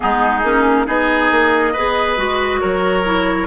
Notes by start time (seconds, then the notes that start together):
0.00 G#3 B3 D#4 G#4
0.43 A#3 C#4
0.86 B3 D#4 G#4 D#5
1.31 A#3
1.72 B3 G#4 B4
2.16 G#3 F#4
2.59 F#3 A#4 C#5
3.04 E4